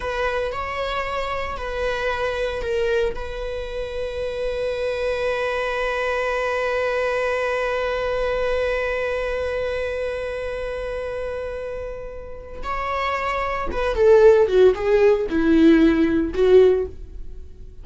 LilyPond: \new Staff \with { instrumentName = "viola" } { \time 4/4 \tempo 4 = 114 b'4 cis''2 b'4~ | b'4 ais'4 b'2~ | b'1~ | b'1~ |
b'1~ | b'1 | cis''2 b'8 a'4 fis'8 | gis'4 e'2 fis'4 | }